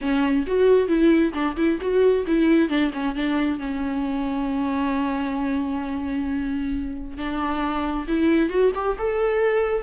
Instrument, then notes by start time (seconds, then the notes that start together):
viola
0.01 C#4
0.46 F#4
0.88 E4
1.33 D4
1.56 E4
1.81 F#4
2.27 E4
2.69 D4
2.93 C#4
3.15 D4
3.58 C#4
7.17 D4
8.07 E4
8.49 F#4
8.74 G4
8.98 A4